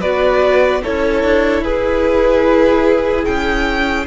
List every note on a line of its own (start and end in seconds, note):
0.00 0.83 B3
0.00 0.82 F#4
0.00 0.81 B4
0.00 0.82 D5
0.83 1.23 C#4
0.83 4.06 E4
0.83 1.64 A4
0.83 1.64 C#5
1.23 1.61 D4
1.61 3.23 E4
1.61 4.06 G#4
1.61 3.25 B4
3.25 4.06 C#4
3.25 4.06 G5